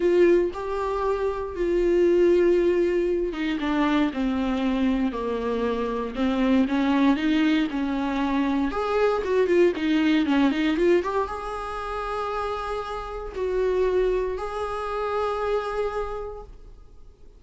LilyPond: \new Staff \with { instrumentName = "viola" } { \time 4/4 \tempo 4 = 117 f'4 g'2 f'4~ | f'2~ f'8 dis'8 d'4 | c'2 ais2 | c'4 cis'4 dis'4 cis'4~ |
cis'4 gis'4 fis'8 f'8 dis'4 | cis'8 dis'8 f'8 g'8 gis'2~ | gis'2 fis'2 | gis'1 | }